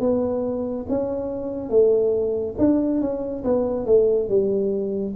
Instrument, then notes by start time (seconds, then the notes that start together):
tuba
0.00 B3
0.88 C#4
1.69 A3
2.58 D4
3.00 C#4
3.44 B3
3.86 A3
4.29 G3